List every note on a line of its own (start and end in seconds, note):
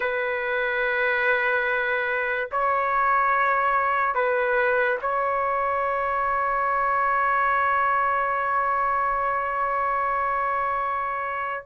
0.00 2.49 B4
2.51 4.14 C#5
4.14 4.98 B4
5.01 11.66 C#5